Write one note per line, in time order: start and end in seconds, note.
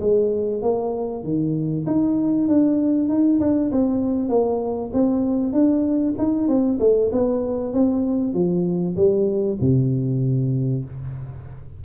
0.00 0.62 G#3
0.62 1.23 A#3
1.23 1.85 D#3
1.87 2.48 D#4
2.48 3.09 D4
3.09 3.40 D#4
3.40 3.71 D4
3.71 4.29 C4
4.29 4.91 A#3
4.93 5.53 C4
5.53 6.15 D4
6.18 6.48 D#4
6.48 6.79 C4
6.80 7.11 A3
7.12 7.73 B3
7.73 8.34 C4
8.34 8.96 F3
8.96 9.58 G3
9.61 10.84 C3